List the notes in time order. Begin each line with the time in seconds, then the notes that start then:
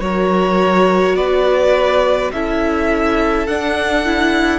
0.00 F#3 F#4 A#4 C#5
1.15 B3 B4 D5
2.32 C#4 E4 A4 E5
3.47 D4 F#5
4.05 E4